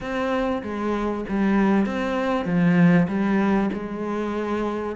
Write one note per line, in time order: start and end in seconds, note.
0.00 0.62 C4
0.62 1.24 G#3
1.28 1.86 G3
1.86 2.45 C4
2.45 3.07 F3
3.08 3.69 G3
3.73 4.96 G#3